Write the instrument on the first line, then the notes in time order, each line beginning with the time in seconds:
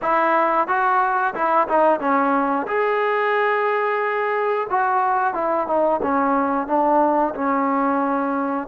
trombone
0.02 E4
0.67 F#4
1.34 E4
1.68 D#4
2.00 C#4
2.67 G#4
4.70 F#4
5.34 E4
5.67 D#4
6.02 C#4
6.67 D4
7.35 C#4